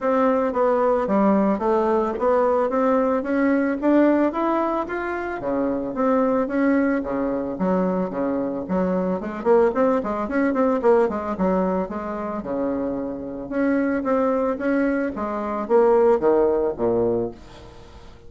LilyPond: \new Staff \with { instrumentName = "bassoon" } { \time 4/4 \tempo 4 = 111 c'4 b4 g4 a4 | b4 c'4 cis'4 d'4 | e'4 f'4 cis4 c'4 | cis'4 cis4 fis4 cis4 |
fis4 gis8 ais8 c'8 gis8 cis'8 c'8 | ais8 gis8 fis4 gis4 cis4~ | cis4 cis'4 c'4 cis'4 | gis4 ais4 dis4 ais,4 | }